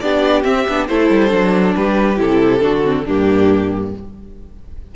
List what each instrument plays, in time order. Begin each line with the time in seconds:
0.00 cello B3, viola D4, violin G4 D5
0.44 viola C4, cello C4, violin E5
0.68 cello B3, viola D4
0.87 cello A3, viola E4, violin A4 C5
1.11 cello G3
1.30 cello F#3, viola D4
1.76 cello G3, violin G4 B4
2.17 cello C3, viola E4, violin A4
2.61 cello D3, viola D4, violin F#4
2.85 viola C4
3.04 cello G2, viola A#3, violin D4 G4